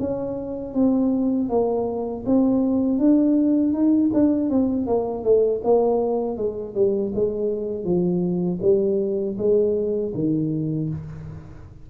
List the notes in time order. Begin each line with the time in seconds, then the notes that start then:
0.00 C#4
0.74 C4
1.50 A#3
2.26 C4
2.99 D4
3.73 D#4
4.14 D4
4.50 C4
4.87 A#3
5.24 A3
5.64 A#3
6.38 G#3
6.75 G3
7.15 G#3
7.84 F3
8.62 G3
9.38 G#3
10.15 D#3